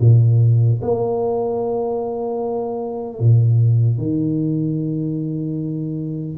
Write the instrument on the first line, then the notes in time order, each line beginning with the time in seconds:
tuba
0.00 A#2
0.81 A#3
3.19 A#2
3.97 D#3